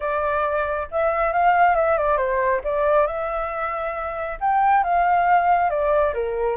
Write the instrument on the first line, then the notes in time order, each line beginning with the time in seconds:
flute
0.00 D5
0.91 E5
1.33 F5
1.75 E5
1.97 D5
2.17 C5
2.64 D5
3.07 E5
4.40 G5
4.83 F5
5.69 D5
6.14 A#4